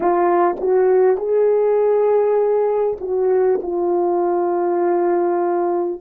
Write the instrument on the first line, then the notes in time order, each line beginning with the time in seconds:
horn
0.00 F4
0.60 F#4
1.17 G#4
3.00 F#4
3.62 F4